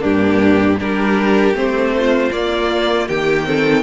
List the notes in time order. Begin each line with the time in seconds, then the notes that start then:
0.00 G2 A#3 D4 G4
0.80 G3 D4 G4 A#4
1.55 A3 C4 C5
1.97 F4
2.32 A#3 D5
3.09 D#3 G4 G5
3.45 C4 A4